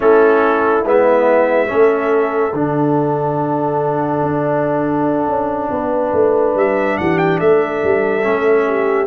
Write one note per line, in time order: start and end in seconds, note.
0.00 0.84 A3
0.00 0.84 C#4
0.00 1.68 E4
0.00 0.85 A4
0.84 1.69 G#3
0.84 1.67 B3
0.84 2.55 E5
1.67 2.53 A3
1.67 2.52 C#4
1.67 5.70 A4
2.53 4.22 D3
2.53 8.22 D4
2.53 6.57 F#5
4.22 5.27 D4
5.27 5.70 C#4
5.70 6.12 B3
5.70 6.99 B4
6.12 6.55 A3
6.55 6.97 G3
6.55 6.97 E5
6.97 7.40 E3
6.97 7.39 G4
6.97 7.17 F#5
7.17 7.39 G5
7.39 7.82 A3
7.39 8.66 A4
7.39 9.07 E5
7.83 8.25 G3
8.22 9.07 A3
8.22 9.07 C#4
8.67 9.07 G4